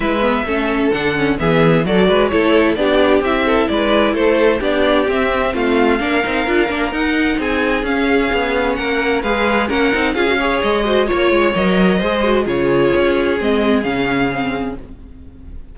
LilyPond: <<
  \new Staff \with { instrumentName = "violin" } { \time 4/4 \tempo 4 = 130 e''2 fis''4 e''4 | d''4 cis''4 d''4 e''4 | d''4 c''4 d''4 e''4 | f''2. fis''4 |
gis''4 f''2 fis''4 | f''4 fis''4 f''4 dis''4 | cis''4 dis''2 cis''4~ | cis''4 dis''4 f''2 | }
  \new Staff \with { instrumentName = "violin" } { \time 4/4 b'4 a'2 gis'4 | a'8 b'8 a'4 g'4. a'8 | b'4 a'4 g'2 | f'4 ais'2. |
gis'2. ais'4 | b'4 ais'4 gis'8 cis''4 c''8 | cis''2 c''4 gis'4~ | gis'1 | }
  \new Staff \with { instrumentName = "viola" } { \time 4/4 e'8 b8 cis'4 d'8 cis'8 b4 | fis'4 e'4 d'4 e'4~ | e'2 d'4 c'4~ | c'4 d'8 dis'8 f'8 d'8 dis'4~ |
dis'4 cis'2. | gis'4 cis'8 dis'8 f'16 fis'16 gis'4 fis'8 | f'4 ais'4 gis'8 fis'8 f'4~ | f'4 c'4 cis'4 c'4 | }
  \new Staff \with { instrumentName = "cello" } { \time 4/4 gis4 a4 d4 e4 | fis8 gis8 a4 b4 c'4 | gis4 a4 b4 c'4 | a4 ais8 c'8 d'8 ais8 dis'4 |
c'4 cis'4 b4 ais4 | gis4 ais8 c'8 cis'4 gis4 | ais8 gis8 fis4 gis4 cis4 | cis'4 gis4 cis2 | }
>>